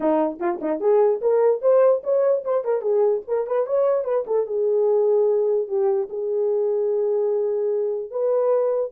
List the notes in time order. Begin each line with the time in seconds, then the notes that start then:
0.00 D#4
0.39 F4
0.61 D#4
0.80 G#4
1.21 A#4
1.61 C5
2.03 C#5
2.44 C5
2.64 A#4
2.81 G#4
3.27 A#4
3.46 B4
3.66 C#5
4.04 B4
4.26 A4
4.46 G#4
5.68 G4
6.09 G#4
8.10 B4